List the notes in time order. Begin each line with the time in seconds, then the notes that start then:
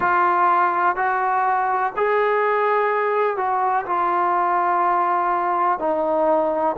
0.00 F4
0.96 F#4
1.96 G#4
3.37 F#4
3.86 F4
5.78 D#4